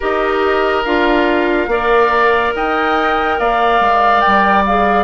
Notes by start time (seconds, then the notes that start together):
0.00 D#4 G4 A#4 D#5
0.84 D4 F4 F5
1.67 A#3 A#4 D5
2.55 D#4 D#5 G5
3.38 A#3 D5 F5
3.80 G#3
4.20 G3 G5
4.65 G#4 F5